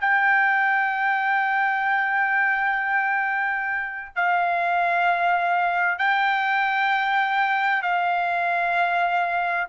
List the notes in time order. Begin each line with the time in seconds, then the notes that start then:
0.00 G5
4.15 F5
5.98 G5
7.82 F5